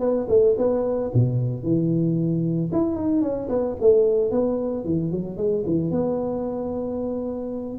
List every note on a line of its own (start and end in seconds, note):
0.00 0.27 B3
0.29 0.56 A3
0.57 1.11 B3
1.14 1.63 B2
1.63 2.70 E3
2.72 2.96 E4
2.96 3.22 D#4
3.22 3.49 C#4
3.49 3.76 B3
3.81 4.31 A3
4.31 4.85 B3
4.85 5.11 E3
5.12 5.37 F#3
5.37 5.64 G#3
5.66 5.91 E3
5.91 7.78 B3